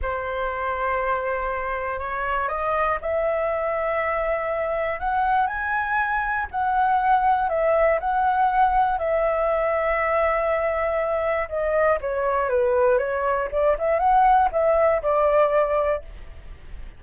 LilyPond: \new Staff \with { instrumentName = "flute" } { \time 4/4 \tempo 4 = 120 c''1 | cis''4 dis''4 e''2~ | e''2 fis''4 gis''4~ | gis''4 fis''2 e''4 |
fis''2 e''2~ | e''2. dis''4 | cis''4 b'4 cis''4 d''8 e''8 | fis''4 e''4 d''2 | }